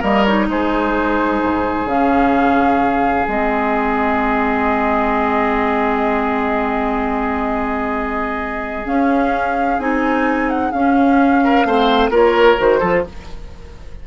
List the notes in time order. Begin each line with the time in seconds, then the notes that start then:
0.00 G3 A#3 A#4 D#5
0.25 D#4 C#5
0.49 G#3 G#4 C5
1.43 G#2
1.86 C#3 C#4 F5
3.28 G#3 C4 D#5
8.85 C#4 F5
9.79 C4 D#4 G#5
10.49 F#5
10.72 C#4 F5
11.44 A#4
11.65 A3 C4 C5
12.10 A#3 F4 A#4 C#5
12.58 D#3 F#4 C5
12.80 F3 F4 A4